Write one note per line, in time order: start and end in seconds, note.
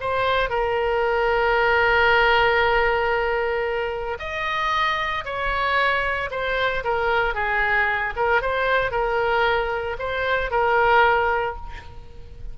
0.00 0.49 C5
0.49 4.18 A#4
4.19 5.24 D#5
5.25 6.30 C#5
6.31 6.83 C5
6.84 7.34 A#4
7.34 8.13 G#4
8.16 8.41 A#4
8.41 8.91 C5
8.91 9.96 A#4
9.98 10.50 C5
10.50 11.56 A#4